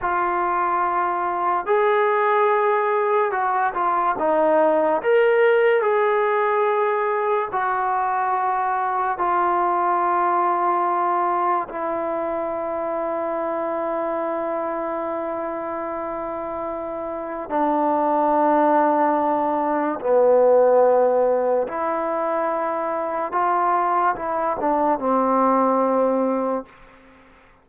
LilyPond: \new Staff \with { instrumentName = "trombone" } { \time 4/4 \tempo 4 = 72 f'2 gis'2 | fis'8 f'8 dis'4 ais'4 gis'4~ | gis'4 fis'2 f'4~ | f'2 e'2~ |
e'1~ | e'4 d'2. | b2 e'2 | f'4 e'8 d'8 c'2 | }